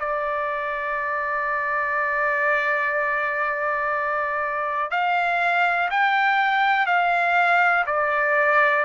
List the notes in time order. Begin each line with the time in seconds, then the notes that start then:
0.00 D5
4.91 F5
5.91 G5
6.87 F5
7.87 D5